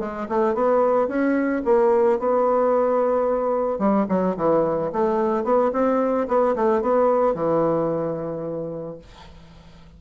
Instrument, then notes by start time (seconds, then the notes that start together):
bassoon
0.00 G#3
0.29 A3
0.55 B3
1.08 C#4
1.65 A#3
2.19 B3
3.79 G3
4.09 F#3
4.37 E3
4.92 A3
5.44 B3
5.73 C4
6.28 B3
6.56 A3
6.82 B3
7.35 E3